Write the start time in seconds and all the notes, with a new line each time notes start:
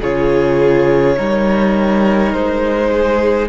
0.00 C#3 F4 G#4 C#5
1.16 G3 D#4 A#4
2.32 G#3 C5
2.91 G#4